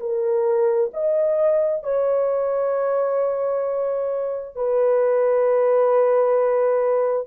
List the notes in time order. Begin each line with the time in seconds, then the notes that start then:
0.00 A#4
0.94 D#5
1.83 C#5
4.56 B4